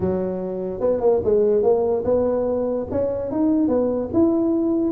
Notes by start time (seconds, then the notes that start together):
0.00 F#3
0.80 B3
1.00 A#3
1.24 G#3
1.62 A#3
2.04 B3
2.91 C#4
3.31 D#4
3.68 B3
4.13 E4